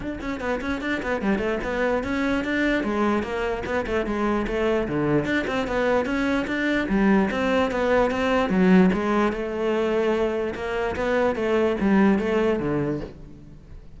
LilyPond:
\new Staff \with { instrumentName = "cello" } { \time 4/4 \tempo 4 = 148 d'8 cis'8 b8 cis'8 d'8 b8 g8 a8 | b4 cis'4 d'4 gis4 | ais4 b8 a8 gis4 a4 | d4 d'8 c'8 b4 cis'4 |
d'4 g4 c'4 b4 | c'4 fis4 gis4 a4~ | a2 ais4 b4 | a4 g4 a4 d4 | }